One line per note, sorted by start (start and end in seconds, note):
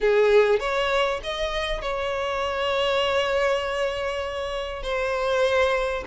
0.00 0.59 G#4
0.59 1.20 C#5
1.23 1.81 D#5
1.81 4.83 C#5
4.83 6.04 C5